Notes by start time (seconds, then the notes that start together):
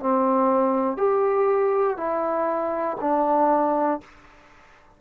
0.00 C4
0.97 G4
1.97 E4
3.01 D4